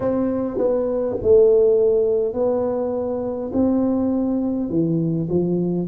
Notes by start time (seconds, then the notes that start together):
0.00 C4
0.57 B3
1.22 A3
2.33 B3
3.53 C4
4.70 E3
5.29 F3